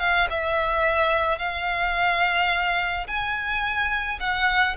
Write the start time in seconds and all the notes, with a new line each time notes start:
0.00 F5
0.30 E5
1.39 F5
3.08 G#5
4.20 F#5